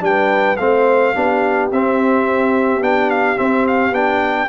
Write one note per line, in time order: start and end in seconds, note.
0.00 0.57 G3
0.00 0.56 D4
0.00 0.60 B4
0.00 0.56 G5
0.56 1.15 A3
0.56 1.14 C4
0.56 1.13 C5
0.56 1.69 F5
1.13 1.71 B3
1.13 1.70 D4
1.13 4.48 G4
1.71 2.81 C4
1.71 2.83 E5
2.81 3.37 B3
2.81 3.36 D4
2.81 3.10 G5
3.10 3.38 F5
3.36 3.92 C4
3.36 3.91 C4
3.36 3.66 E5
3.67 3.94 F5
3.91 4.47 B3
3.91 4.48 D4
3.91 4.48 G5